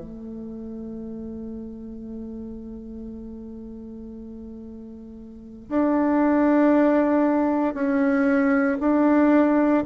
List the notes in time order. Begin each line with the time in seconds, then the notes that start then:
0.00 A3
5.68 D4
7.74 C#4
8.80 D4